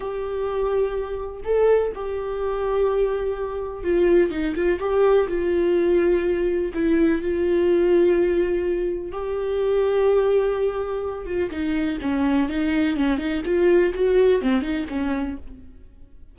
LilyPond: \new Staff \with { instrumentName = "viola" } { \time 4/4 \tempo 4 = 125 g'2. a'4 | g'1 | f'4 dis'8 f'8 g'4 f'4~ | f'2 e'4 f'4~ |
f'2. g'4~ | g'2.~ g'8 f'8 | dis'4 cis'4 dis'4 cis'8 dis'8 | f'4 fis'4 c'8 dis'8 cis'4 | }